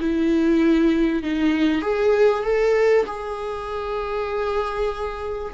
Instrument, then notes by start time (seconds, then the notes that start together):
viola
0.00 E4
1.23 D#4
1.82 G#4
2.43 A4
3.06 G#4